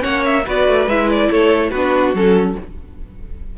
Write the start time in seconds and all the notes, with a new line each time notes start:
0.00 A#3 C#4 C#5 F#5
0.26 E5
0.46 B3 F#4 B4 D5
0.68 A3
0.87 G#3 E4 E5
1.11 D5
1.30 A3 A4 C#5
1.70 B3 D4 F#4 B4
2.14 F#3 C#4 A4